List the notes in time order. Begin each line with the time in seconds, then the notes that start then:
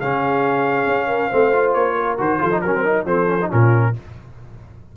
0.00 C#3 C#4 G#4 F5
0.86 C#4
1.07 A#4
1.29 A3 C4 C5
1.52 F4
1.73 A#3 C#5
1.95 A#4
2.17 D#3 F#4 C5
2.39 F3 F4 A4
2.51 D#4
2.61 F#3 C#4 A#4
2.75 C4
2.85 D#4
3.05 F3 C4 A4 C5
3.27 C#4
3.42 D#4
3.49 A#2 C#4 F4 A#4